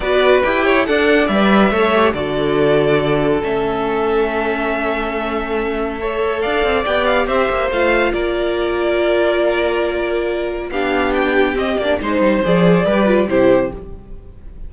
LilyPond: <<
  \new Staff \with { instrumentName = "violin" } { \time 4/4 \tempo 4 = 140 d''4 g''4 fis''4 e''4~ | e''4 d''2. | e''1~ | e''2. f''4 |
g''8 f''8 e''4 f''4 d''4~ | d''1~ | d''4 f''4 g''4 dis''8 d''8 | c''4 d''2 c''4 | }
  \new Staff \with { instrumentName = "violin" } { \time 4/4 b'4. cis''8 d''2 | cis''4 a'2.~ | a'1~ | a'2 cis''4 d''4~ |
d''4 c''2 ais'4~ | ais'1~ | ais'4 g'2. | c''2 b'4 g'4 | }
  \new Staff \with { instrumentName = "viola" } { \time 4/4 fis'4 g'4 a'4 b'4 | a'8 g'8 fis'2. | cis'1~ | cis'2 a'2 |
g'2 f'2~ | f'1~ | f'4 d'2 c'8 d'8 | dis'4 gis'4 g'8 f'8 e'4 | }
  \new Staff \with { instrumentName = "cello" } { \time 4/4 b4 e'4 d'4 g4 | a4 d2. | a1~ | a2. d'8 c'8 |
b4 c'8 ais8 a4 ais4~ | ais1~ | ais4 b2 c'8 ais8 | gis8 g8 f4 g4 c4 | }
>>